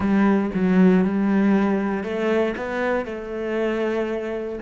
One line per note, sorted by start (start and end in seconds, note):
0.00 0.50 G3
0.54 1.04 F#3
1.04 2.03 G3
2.03 2.55 A3
2.56 3.05 B3
3.05 4.59 A3